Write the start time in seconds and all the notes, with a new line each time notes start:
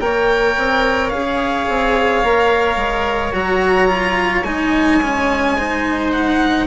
0.00 A#3 A#4 C#5 G5
0.58 C4
1.10 C#4 G#4 F5
1.69 C4
2.24 A#3 A#4
2.76 G#3
3.33 F#3 F#4 A#5
3.88 F4
4.44 G#3 D#4 G#5
5.03 C#4
5.58 D#4 C5
6.13 F#5